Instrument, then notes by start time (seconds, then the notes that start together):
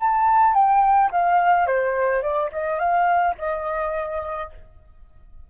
flute
0.00 A5
0.54 G5
1.11 F5
1.67 C5
2.22 D5
2.52 D#5
2.79 F5
3.38 D#5